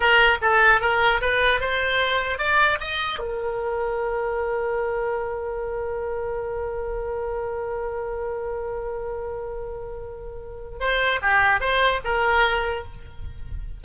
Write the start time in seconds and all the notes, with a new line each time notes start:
0.00 A#4
0.41 A4
0.80 A#4
1.21 B4
1.60 C5
2.38 D5
2.80 D#5
3.19 A#4
10.80 C5
11.22 G4
11.60 C5
12.04 A#4